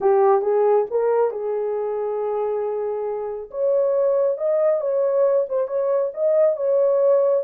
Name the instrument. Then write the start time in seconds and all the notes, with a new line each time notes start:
horn
0.00 G4
0.41 G#4
0.90 A#4
1.31 G#4
3.51 C#5
4.37 D#5
4.80 C#5
5.48 C5
5.67 C#5
6.14 D#5
6.56 C#5